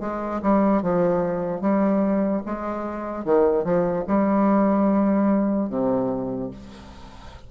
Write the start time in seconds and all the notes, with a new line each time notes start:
0.00 G#3
0.42 G3
0.82 F3
1.61 G3
2.45 G#3
3.24 D#3
3.64 F3
4.07 G3
5.69 C3